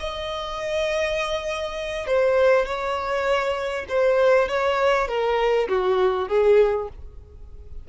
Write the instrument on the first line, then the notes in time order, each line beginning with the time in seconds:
violin
0.00 D#5
2.07 C5
2.66 C#5
3.89 C5
4.49 C#5
5.08 A#4
5.69 F#4
6.29 G#4